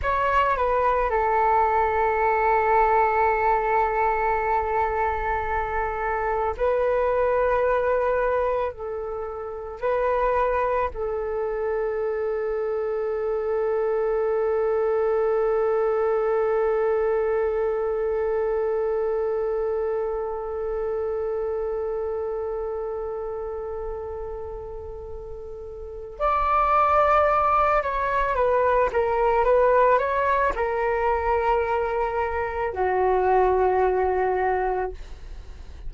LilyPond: \new Staff \with { instrumentName = "flute" } { \time 4/4 \tempo 4 = 55 cis''8 b'8 a'2.~ | a'2 b'2 | a'4 b'4 a'2~ | a'1~ |
a'1~ | a'1 | d''4. cis''8 b'8 ais'8 b'8 cis''8 | ais'2 fis'2 | }